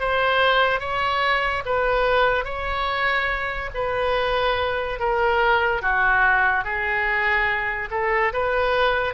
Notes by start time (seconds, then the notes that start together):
0.00 C5
0.80 C#5
1.66 B4
2.45 C#5
3.74 B4
4.99 A#4
5.82 F#4
6.64 G#4
7.91 A4
8.33 B4